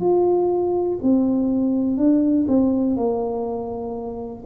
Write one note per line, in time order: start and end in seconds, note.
0.00 0.98 F4
1.02 1.97 C4
1.97 2.46 D4
2.48 2.96 C4
2.96 4.44 A#3